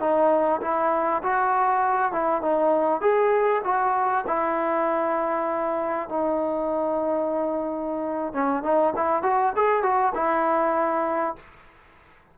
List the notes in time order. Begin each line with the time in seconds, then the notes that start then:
0.00 D#4
0.61 E4
1.23 F#4
2.12 E4
2.42 D#4
3.01 G#4
3.64 F#4
4.27 E4
6.09 D#4
8.33 C#4
8.63 D#4
8.96 E4
9.23 F#4
9.56 G#4
9.83 F#4
10.15 E4